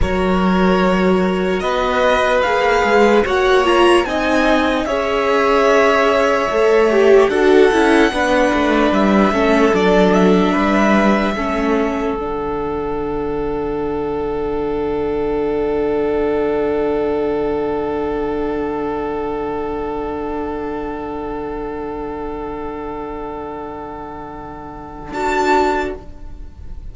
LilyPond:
<<
  \new Staff \with { instrumentName = "violin" } { \time 4/4 \tempo 4 = 74 cis''2 dis''4 f''4 | fis''8 ais''8 gis''4 e''2~ | e''4 fis''2 e''4 | d''8 e''2~ e''8 fis''4~ |
fis''1~ | fis''1~ | fis''1~ | fis''2. a''4 | }
  \new Staff \with { instrumentName = "violin" } { \time 4/4 ais'2 b'2 | cis''4 dis''4 cis''2~ | cis''4 a'4 b'4. a'8~ | a'4 b'4 a'2~ |
a'1~ | a'1~ | a'1~ | a'1 | }
  \new Staff \with { instrumentName = "viola" } { \time 4/4 fis'2. gis'4 | fis'8 f'8 dis'4 gis'2 | a'8 g'8 fis'8 e'8 d'4. cis'8 | d'2 cis'4 d'4~ |
d'1~ | d'1~ | d'1~ | d'2. fis'4 | }
  \new Staff \with { instrumentName = "cello" } { \time 4/4 fis2 b4 ais8 gis8 | ais4 c'4 cis'2 | a4 d'8 cis'8 b8 a8 g8 a8 | fis4 g4 a4 d4~ |
d1~ | d1~ | d1~ | d2. d'4 | }
>>